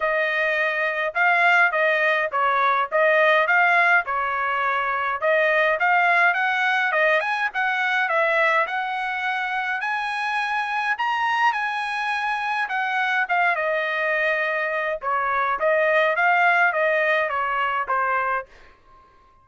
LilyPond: \new Staff \with { instrumentName = "trumpet" } { \time 4/4 \tempo 4 = 104 dis''2 f''4 dis''4 | cis''4 dis''4 f''4 cis''4~ | cis''4 dis''4 f''4 fis''4 | dis''8 gis''8 fis''4 e''4 fis''4~ |
fis''4 gis''2 ais''4 | gis''2 fis''4 f''8 dis''8~ | dis''2 cis''4 dis''4 | f''4 dis''4 cis''4 c''4 | }